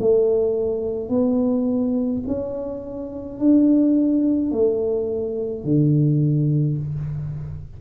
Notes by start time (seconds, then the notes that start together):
0.00 A3
1.09 B3
2.27 C#4
3.39 D4
4.52 A3
5.64 D3